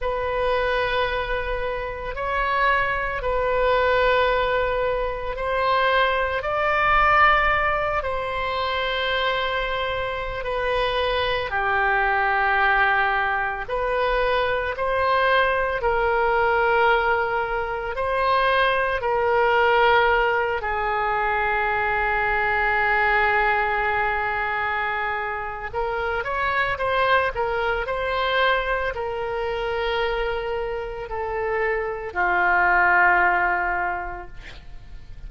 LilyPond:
\new Staff \with { instrumentName = "oboe" } { \time 4/4 \tempo 4 = 56 b'2 cis''4 b'4~ | b'4 c''4 d''4. c''8~ | c''4.~ c''16 b'4 g'4~ g'16~ | g'8. b'4 c''4 ais'4~ ais'16~ |
ais'8. c''4 ais'4. gis'8.~ | gis'1 | ais'8 cis''8 c''8 ais'8 c''4 ais'4~ | ais'4 a'4 f'2 | }